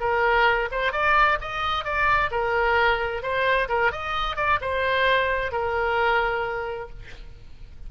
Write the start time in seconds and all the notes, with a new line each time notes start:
0.00 A#4
0.71 C5
0.92 D5
1.41 D#5
1.84 D5
2.31 A#4
3.22 C5
3.68 A#4
3.92 D#5
4.36 D5
4.61 C5
5.52 A#4